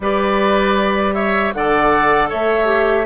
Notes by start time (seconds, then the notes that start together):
0.00 G3 G4 B4 D5
1.14 C#5 E5
1.53 D3 A4 D5 F#5
2.29 A3 C#5 E5
2.65 G4